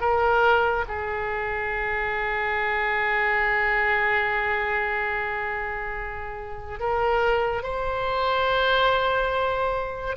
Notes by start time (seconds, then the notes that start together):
0.00 A#4
0.88 G#4
6.80 A#4
7.63 C5